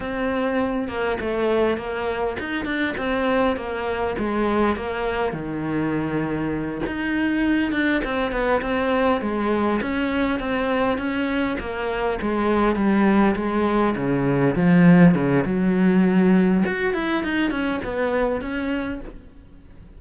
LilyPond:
\new Staff \with { instrumentName = "cello" } { \time 4/4 \tempo 4 = 101 c'4. ais8 a4 ais4 | dis'8 d'8 c'4 ais4 gis4 | ais4 dis2~ dis8 dis'8~ | dis'4 d'8 c'8 b8 c'4 gis8~ |
gis8 cis'4 c'4 cis'4 ais8~ | ais8 gis4 g4 gis4 cis8~ | cis8 f4 cis8 fis2 | fis'8 e'8 dis'8 cis'8 b4 cis'4 | }